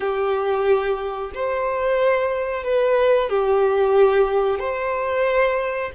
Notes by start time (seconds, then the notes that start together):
0.00 G4
1.34 C5
2.63 B4
3.29 G4
4.59 C5